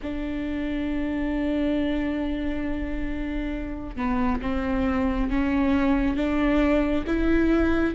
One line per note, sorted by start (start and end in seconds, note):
0.02 3.96 D4
3.96 4.40 B3
4.41 5.29 C4
5.29 6.16 C#4
6.16 7.04 D4
7.06 7.95 E4